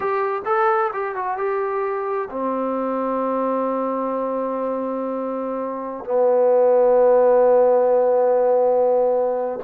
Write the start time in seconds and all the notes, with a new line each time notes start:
0.00 G4
0.45 A4
0.93 G4
1.15 F#4
1.37 G4
2.30 C4
6.04 B3